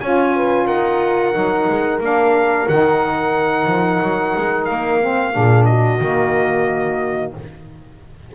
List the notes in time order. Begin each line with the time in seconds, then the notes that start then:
0.00 C#4 F4 C#5 G#5
0.36 B4
0.66 D#4 A#4 F#5
1.33 F#3 D#4
1.70 G#3
2.00 A#3 D4 F5
2.68 D#3 D#4 F#5
3.66 F3
4.02 F#3
4.38 G#3
4.65 A#3 F5
5.01 C4
5.32 A#2 D4 G#4
5.65 F#4 D#5
6.00 D#3 A#3